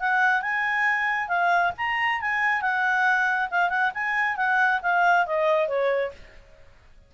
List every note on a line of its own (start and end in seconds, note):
0.00 0.42 F#5
0.42 1.29 G#5
1.29 1.72 F5
1.78 2.21 A#5
2.21 2.62 G#5
2.62 3.49 F#5
3.51 3.70 F5
3.70 3.92 F#5
3.95 4.37 G#5
4.37 4.81 F#5
4.83 5.26 F5
5.27 5.68 D#5
5.68 6.12 C#5